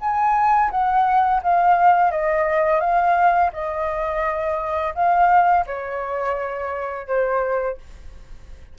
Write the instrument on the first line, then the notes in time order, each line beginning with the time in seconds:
flute
0.00 G#5
0.71 F#5
1.43 F5
2.11 D#5
2.80 F5
3.53 D#5
4.95 F5
5.67 C#5
7.07 C5